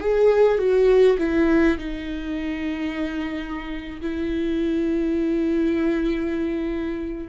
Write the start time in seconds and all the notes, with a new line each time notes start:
0.00 G#4
0.58 F#4
1.18 E4
1.78 D#4
4.01 E4